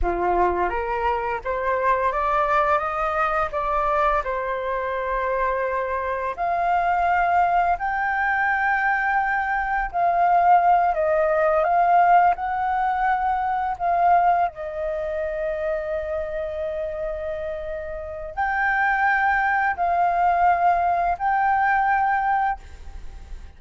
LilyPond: \new Staff \with { instrumentName = "flute" } { \time 4/4 \tempo 4 = 85 f'4 ais'4 c''4 d''4 | dis''4 d''4 c''2~ | c''4 f''2 g''4~ | g''2 f''4. dis''8~ |
dis''8 f''4 fis''2 f''8~ | f''8 dis''2.~ dis''8~ | dis''2 g''2 | f''2 g''2 | }